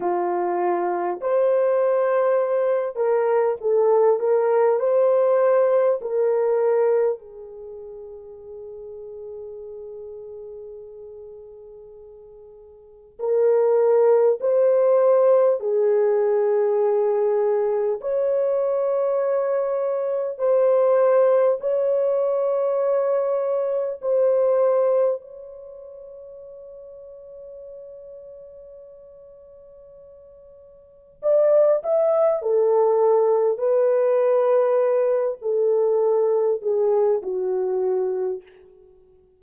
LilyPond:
\new Staff \with { instrumentName = "horn" } { \time 4/4 \tempo 4 = 50 f'4 c''4. ais'8 a'8 ais'8 | c''4 ais'4 gis'2~ | gis'2. ais'4 | c''4 gis'2 cis''4~ |
cis''4 c''4 cis''2 | c''4 cis''2.~ | cis''2 d''8 e''8 a'4 | b'4. a'4 gis'8 fis'4 | }